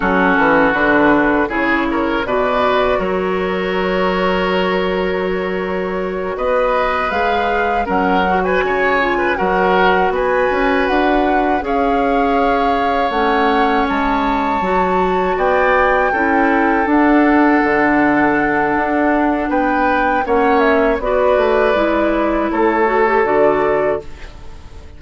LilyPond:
<<
  \new Staff \with { instrumentName = "flute" } { \time 4/4 \tempo 4 = 80 a'4 b'4 cis''4 d''4 | cis''1~ | cis''8 dis''4 f''4 fis''8. gis''8.~ | gis''8 fis''4 gis''4 fis''4 f''8~ |
f''4. fis''4 a''4.~ | a''8 g''2 fis''4.~ | fis''2 g''4 fis''8 e''8 | d''2 cis''4 d''4 | }
  \new Staff \with { instrumentName = "oboe" } { \time 4/4 fis'2 gis'8 ais'8 b'4 | ais'1~ | ais'8 b'2 ais'8. b'16 cis''8~ | cis''16 b'16 ais'4 b'2 cis''8~ |
cis''1~ | cis''8 d''4 a'2~ a'8~ | a'2 b'4 cis''4 | b'2 a'2 | }
  \new Staff \with { instrumentName = "clarinet" } { \time 4/4 cis'4 d'4 e'4 fis'4~ | fis'1~ | fis'4. gis'4 cis'8 fis'4 | f'8 fis'2. gis'8~ |
gis'4. cis'2 fis'8~ | fis'4. e'4 d'4.~ | d'2. cis'4 | fis'4 e'4. fis'16 g'16 fis'4 | }
  \new Staff \with { instrumentName = "bassoon" } { \time 4/4 fis8 e8 d4 cis4 b,4 | fis1~ | fis8 b4 gis4 fis4 cis8~ | cis8 fis4 b8 cis'8 d'4 cis'8~ |
cis'4. a4 gis4 fis8~ | fis8 b4 cis'4 d'4 d8~ | d4 d'4 b4 ais4 | b8 a8 gis4 a4 d4 | }
>>